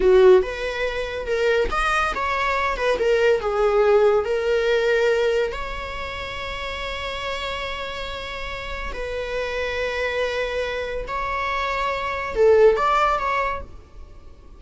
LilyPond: \new Staff \with { instrumentName = "viola" } { \time 4/4 \tempo 4 = 141 fis'4 b'2 ais'4 | dis''4 cis''4. b'8 ais'4 | gis'2 ais'2~ | ais'4 cis''2.~ |
cis''1~ | cis''4 b'2.~ | b'2 cis''2~ | cis''4 a'4 d''4 cis''4 | }